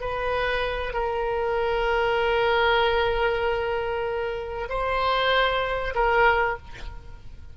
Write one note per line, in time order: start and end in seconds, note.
0.00 0.93 B4
0.93 4.68 A#4
4.68 5.93 C5
5.94 6.57 A#4